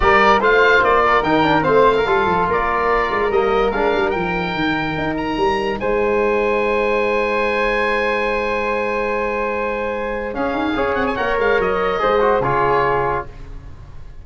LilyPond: <<
  \new Staff \with { instrumentName = "oboe" } { \time 4/4 \tempo 4 = 145 d''4 f''4 d''4 g''4 | f''2 d''2 | dis''4 f''4 g''2~ | g''8 ais''4. gis''2~ |
gis''1~ | gis''1~ | gis''4 f''4. fis''16 gis''16 fis''8 f''8 | dis''2 cis''2 | }
  \new Staff \with { instrumentName = "flute" } { \time 4/4 ais'4 c''4. ais'4. | c''8. ais'16 a'4 ais'2~ | ais'1~ | ais'2 c''2~ |
c''1~ | c''1~ | c''4 gis'4 cis''2~ | cis''4 c''4 gis'2 | }
  \new Staff \with { instrumentName = "trombone" } { \time 4/4 g'4 f'2 dis'8 d'8 | c'4 f'2. | ais4 d'4 dis'2~ | dis'1~ |
dis'1~ | dis'1~ | dis'4 cis'4 gis'4 ais'4~ | ais'4 gis'8 fis'8 f'2 | }
  \new Staff \with { instrumentName = "tuba" } { \time 4/4 g4 a4 ais4 dis4 | a4 g8 f8 ais4. gis8 | g4 gis8 g8 f4 dis4 | dis'4 g4 gis2~ |
gis1~ | gis1~ | gis4 cis'8 dis'8 cis'8 c'8 ais8 gis8 | fis4 gis4 cis2 | }
>>